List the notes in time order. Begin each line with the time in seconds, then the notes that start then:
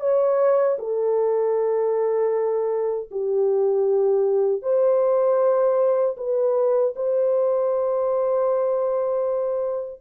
0.00 C#5
0.79 A4
3.11 G4
4.62 C5
6.17 B4
6.96 C5